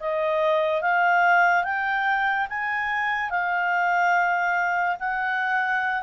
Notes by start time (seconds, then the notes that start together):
0.00 D#5
0.81 F5
1.64 G5
2.50 G#5
3.30 F5
4.99 F#5